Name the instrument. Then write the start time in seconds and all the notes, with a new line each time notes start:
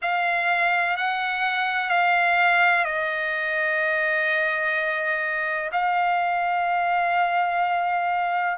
trumpet
0.02 F5
0.97 F#5
1.89 F5
2.84 D#5
5.71 F5